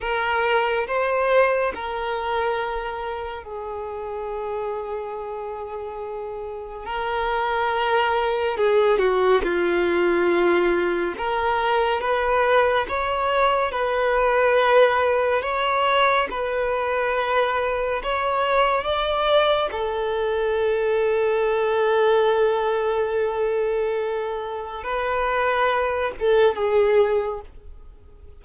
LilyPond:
\new Staff \with { instrumentName = "violin" } { \time 4/4 \tempo 4 = 70 ais'4 c''4 ais'2 | gis'1 | ais'2 gis'8 fis'8 f'4~ | f'4 ais'4 b'4 cis''4 |
b'2 cis''4 b'4~ | b'4 cis''4 d''4 a'4~ | a'1~ | a'4 b'4. a'8 gis'4 | }